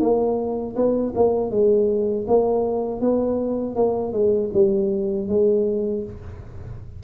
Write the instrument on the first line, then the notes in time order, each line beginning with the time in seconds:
tuba
0.00 A#3
0.75 B3
1.15 A#3
1.50 G#3
2.27 A#3
3.00 B3
3.75 A#3
4.12 G#3
4.53 G3
5.28 G#3